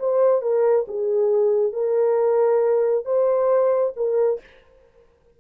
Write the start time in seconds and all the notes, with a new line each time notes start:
0.00 C5
0.42 A#4
0.88 G#4
1.73 A#4
3.05 C5
3.96 A#4